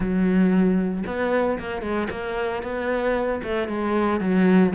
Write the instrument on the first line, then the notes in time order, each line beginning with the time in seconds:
cello
0.00 F#3
1.06 B3
1.59 A#3
1.82 G#3
2.10 A#3
2.62 B3
3.43 A3
3.68 G#3
4.20 F#3